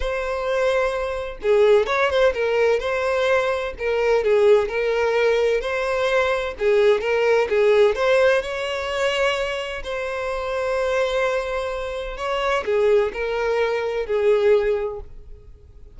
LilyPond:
\new Staff \with { instrumentName = "violin" } { \time 4/4 \tempo 4 = 128 c''2. gis'4 | cis''8 c''8 ais'4 c''2 | ais'4 gis'4 ais'2 | c''2 gis'4 ais'4 |
gis'4 c''4 cis''2~ | cis''4 c''2.~ | c''2 cis''4 gis'4 | ais'2 gis'2 | }